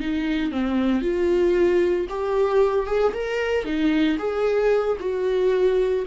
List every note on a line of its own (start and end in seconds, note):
0.00 0.51 D#4
0.51 1.01 C4
1.01 2.07 F4
2.09 2.86 G4
2.86 3.13 G#4
3.13 3.65 A#4
3.65 4.17 D#4
4.18 4.97 G#4
5.00 6.05 F#4